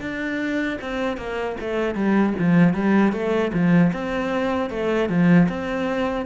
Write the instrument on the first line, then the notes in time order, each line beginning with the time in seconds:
cello
0.00 D4
0.81 C4
1.17 A#3
1.60 A3
1.94 G3
2.38 F3
2.73 G3
3.12 A3
3.53 F3
3.92 C4
4.70 A3
5.09 F3
5.48 C4